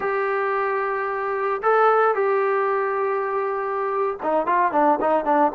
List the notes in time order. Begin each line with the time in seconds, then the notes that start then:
0.00 G4
1.62 A4
2.14 G4
4.22 D#4
4.46 F4
4.72 D4
5.00 D#4
5.24 D4